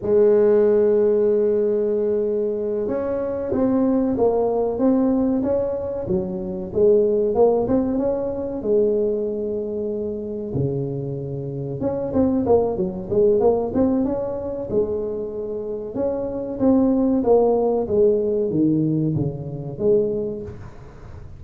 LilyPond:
\new Staff \with { instrumentName = "tuba" } { \time 4/4 \tempo 4 = 94 gis1~ | gis8 cis'4 c'4 ais4 c'8~ | c'8 cis'4 fis4 gis4 ais8 | c'8 cis'4 gis2~ gis8~ |
gis8 cis2 cis'8 c'8 ais8 | fis8 gis8 ais8 c'8 cis'4 gis4~ | gis4 cis'4 c'4 ais4 | gis4 dis4 cis4 gis4 | }